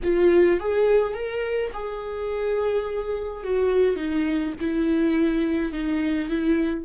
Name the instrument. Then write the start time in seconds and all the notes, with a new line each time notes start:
viola
0.03 F4
0.60 G#4
1.14 A#4
1.73 G#4
3.43 F#4
3.96 D#4
4.60 E4
5.72 D#4
6.29 E4